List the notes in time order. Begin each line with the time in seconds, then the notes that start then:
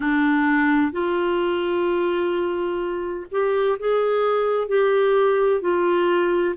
0.00 D4
0.92 F4
3.31 G4
3.79 G#4
4.68 G4
5.61 F4